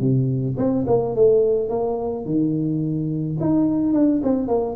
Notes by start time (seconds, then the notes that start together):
0.00 C3
0.57 C4
0.87 A#3
1.15 A3
1.69 A#3
2.25 D#3
3.40 D#4
3.93 D4
4.23 C4
4.48 A#3